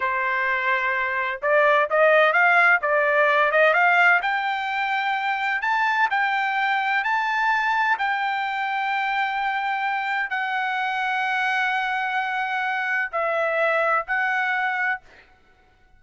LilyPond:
\new Staff \with { instrumentName = "trumpet" } { \time 4/4 \tempo 4 = 128 c''2. d''4 | dis''4 f''4 d''4. dis''8 | f''4 g''2. | a''4 g''2 a''4~ |
a''4 g''2.~ | g''2 fis''2~ | fis''1 | e''2 fis''2 | }